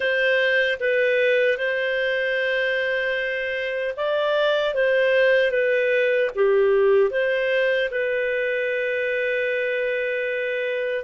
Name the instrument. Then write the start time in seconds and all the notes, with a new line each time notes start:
clarinet
0.00 C5
0.79 B4
1.57 C5
3.96 D5
4.74 C5
5.51 B4
6.35 G4
7.10 C5
7.91 B4